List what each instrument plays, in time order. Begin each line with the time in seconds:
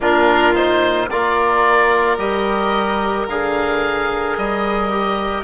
0.00 bassoon A#2, trombone D4, violin F4, oboe A#4
0.55 trombone D#4, oboe C5
1.09 bassoon A#3, trombone F4, violin A#4, oboe D5
2.17 bassoon G3, trombone G4, oboe D#5
3.28 bassoon D3, trombone G#4, oboe F5
4.36 bassoon G3, oboe D#5
4.90 trombone G4